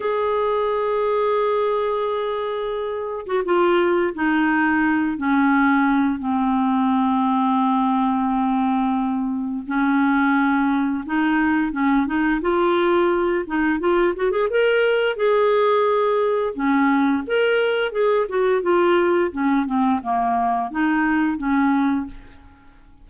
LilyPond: \new Staff \with { instrumentName = "clarinet" } { \time 4/4 \tempo 4 = 87 gis'1~ | gis'8. fis'16 f'4 dis'4. cis'8~ | cis'4 c'2.~ | c'2 cis'2 |
dis'4 cis'8 dis'8 f'4. dis'8 | f'8 fis'16 gis'16 ais'4 gis'2 | cis'4 ais'4 gis'8 fis'8 f'4 | cis'8 c'8 ais4 dis'4 cis'4 | }